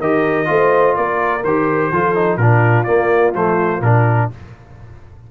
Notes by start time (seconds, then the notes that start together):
0.00 D#3 G4 A#4 D#5
0.45 A3 F4 C5
0.96 A#3 A#4 D5
1.44 D#3 G4 C5
1.92 F3 F4 A4
2.15 D#4
2.37 A#2 D4 F4 A#4
2.84 A#3 D5
3.34 F3 A3 C5
3.81 A#2 D4 A#4